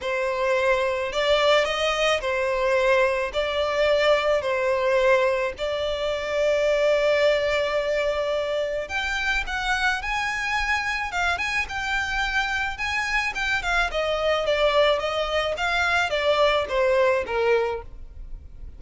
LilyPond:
\new Staff \with { instrumentName = "violin" } { \time 4/4 \tempo 4 = 108 c''2 d''4 dis''4 | c''2 d''2 | c''2 d''2~ | d''1 |
g''4 fis''4 gis''2 | f''8 gis''8 g''2 gis''4 | g''8 f''8 dis''4 d''4 dis''4 | f''4 d''4 c''4 ais'4 | }